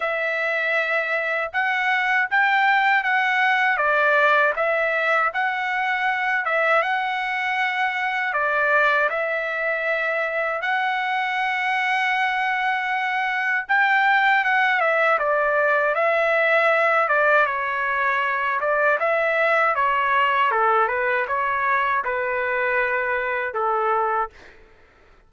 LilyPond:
\new Staff \with { instrumentName = "trumpet" } { \time 4/4 \tempo 4 = 79 e''2 fis''4 g''4 | fis''4 d''4 e''4 fis''4~ | fis''8 e''8 fis''2 d''4 | e''2 fis''2~ |
fis''2 g''4 fis''8 e''8 | d''4 e''4. d''8 cis''4~ | cis''8 d''8 e''4 cis''4 a'8 b'8 | cis''4 b'2 a'4 | }